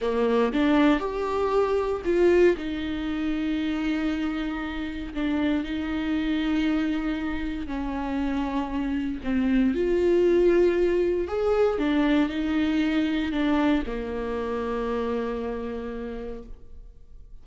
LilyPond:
\new Staff \with { instrumentName = "viola" } { \time 4/4 \tempo 4 = 117 ais4 d'4 g'2 | f'4 dis'2.~ | dis'2 d'4 dis'4~ | dis'2. cis'4~ |
cis'2 c'4 f'4~ | f'2 gis'4 d'4 | dis'2 d'4 ais4~ | ais1 | }